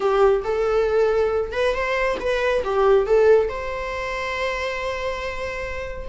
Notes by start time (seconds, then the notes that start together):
0.00 G4
0.43 A4
1.52 B4
1.74 C5
2.20 B4
2.63 G4
3.06 A4
3.48 C5